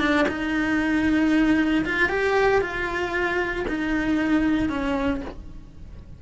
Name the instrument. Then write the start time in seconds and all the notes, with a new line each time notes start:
cello
0.00 D4
0.28 D#4
1.85 F4
2.09 G4
2.62 F4
3.68 D#4
4.69 C#4